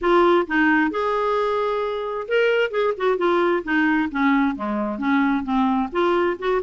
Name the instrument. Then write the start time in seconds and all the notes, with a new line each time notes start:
clarinet
0.01 F4
0.47 D#4
0.90 G#4
2.27 A#4
2.70 G#4
2.97 F#4
3.17 F4
3.64 D#4
4.11 C#4
4.55 G#3
4.98 C#4
5.43 C4
5.92 F4
6.38 F#4